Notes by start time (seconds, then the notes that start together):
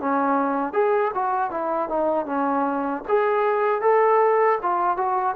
0.00 C#4
0.73 G#4
1.14 F#4
1.50 E4
1.88 D#4
2.26 C#4
3.08 G#4
3.81 A4
4.62 F4
4.97 F#4